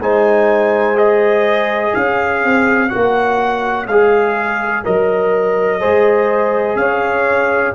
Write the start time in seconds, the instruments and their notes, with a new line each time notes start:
0.00 tuba G#3, trombone D#4, horn C5, trumpet G#5
0.95 trombone G#4, trumpet D#5
1.95 tuba C#4, horn C#5, trumpet F5
2.45 tuba C4
2.90 tuba A#3, trombone F#4, trumpet F#5
3.87 tuba G#3, trombone G#4, trumpet F5
4.85 tuba F#3, trombone A#4, trumpet D#5
5.80 tuba G#3, trombone G#4, horn C5
6.76 tuba C#4, horn C#5, trumpet F5